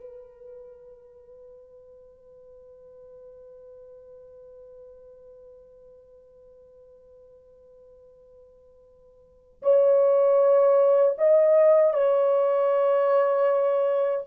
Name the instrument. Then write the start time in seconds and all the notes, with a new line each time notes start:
horn
0.00 B4
9.62 C#5
11.18 D#5
11.93 C#5